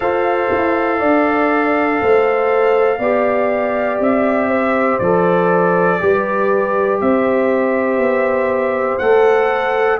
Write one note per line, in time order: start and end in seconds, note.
0.00 0.50 F4
0.00 3.00 A4
0.00 0.99 C5
0.00 3.99 F5
0.51 1.01 E4
0.99 2.01 D4
0.99 1.99 D5
2.00 2.98 A3
2.00 2.99 C5
2.98 3.98 B3
2.98 5.01 G4
2.98 4.49 D5
3.99 4.99 C4
3.99 4.98 E5
4.49 5.99 C5
4.98 6.00 F3
4.98 5.99 A4
4.98 6.98 D5
5.99 7.01 G3
5.99 8.99 G4
5.99 7.02 B4
7.00 7.97 C4
7.00 9.99 C5
7.00 8.98 E5
7.97 8.97 B3
8.98 9.99 A3
8.98 9.99 A4
8.98 9.98 F#5